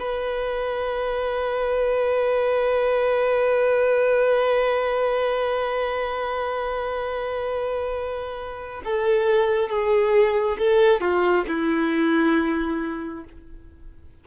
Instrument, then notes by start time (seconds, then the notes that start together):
violin
0.00 B4
8.85 A4
9.69 G#4
10.59 A4
11.01 F4
11.48 E4